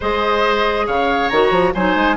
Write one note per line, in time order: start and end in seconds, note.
0.00 0.88 G#3
0.00 1.31 G#4
0.00 0.86 C5
0.00 0.87 D#5
0.86 1.31 C#3
0.86 1.73 C#5
0.86 1.28 F5
1.28 1.50 D#3
1.28 1.75 F#4
1.28 1.72 A#5
1.50 1.72 F3
1.74 1.95 F#3
1.74 2.16 D#4
1.74 2.16 C5
1.74 2.16 G#5
1.95 2.16 G#3